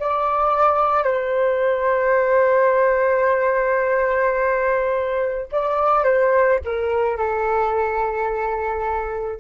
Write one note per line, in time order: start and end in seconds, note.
0.00 1.04 D5
1.04 5.48 C5
5.52 6.04 D5
6.04 6.60 C5
6.65 7.18 A#4
7.18 9.40 A4